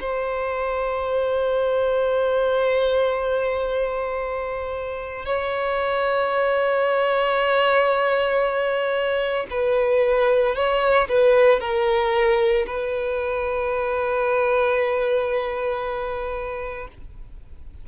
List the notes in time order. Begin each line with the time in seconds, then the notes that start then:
0.00 C5
5.25 C#5
9.50 B4
10.55 C#5
11.09 B4
11.60 A#4
12.67 B4